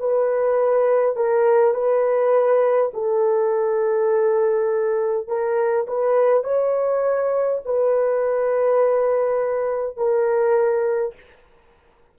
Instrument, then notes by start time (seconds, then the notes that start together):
horn
0.00 B4
1.16 A#4
1.74 B4
2.94 A4
5.28 A#4
5.88 B4
6.44 C#5
7.65 B4
9.97 A#4